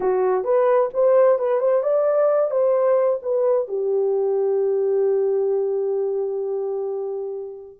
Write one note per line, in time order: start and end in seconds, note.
0.00 0.44 F#4
0.44 0.89 B4
0.93 1.38 C5
1.38 1.60 B4
1.60 1.82 C5
1.82 2.51 D5
2.51 3.19 C5
3.22 3.67 B4
3.67 7.79 G4